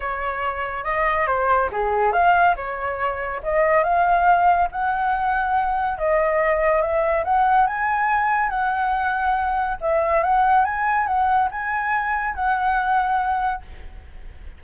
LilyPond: \new Staff \with { instrumentName = "flute" } { \time 4/4 \tempo 4 = 141 cis''2 dis''4 c''4 | gis'4 f''4 cis''2 | dis''4 f''2 fis''4~ | fis''2 dis''2 |
e''4 fis''4 gis''2 | fis''2. e''4 | fis''4 gis''4 fis''4 gis''4~ | gis''4 fis''2. | }